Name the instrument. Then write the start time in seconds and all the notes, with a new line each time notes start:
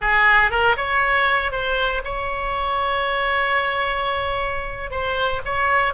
oboe
0.01 G#4
0.50 A#4
0.76 C#5
1.51 C5
2.04 C#5
4.90 C5
5.45 C#5